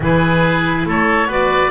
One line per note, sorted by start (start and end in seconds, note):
0.00 0.85 E3
0.00 1.29 E4
0.00 0.87 G#4
0.00 0.88 B4
0.85 1.25 A3
0.85 1.28 A4
0.85 1.31 C#5
1.25 1.69 B3
1.25 1.70 F#4
1.25 1.70 B4
1.25 1.70 D5